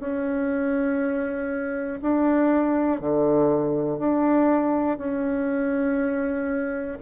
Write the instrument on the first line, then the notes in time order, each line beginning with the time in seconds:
bassoon
0.00 C#4
2.01 D4
3.00 D3
3.99 D4
4.98 C#4